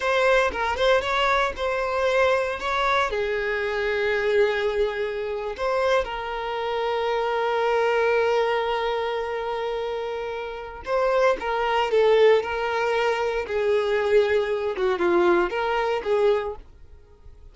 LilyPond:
\new Staff \with { instrumentName = "violin" } { \time 4/4 \tempo 4 = 116 c''4 ais'8 c''8 cis''4 c''4~ | c''4 cis''4 gis'2~ | gis'2~ gis'8. c''4 ais'16~ | ais'1~ |
ais'1~ | ais'4 c''4 ais'4 a'4 | ais'2 gis'2~ | gis'8 fis'8 f'4 ais'4 gis'4 | }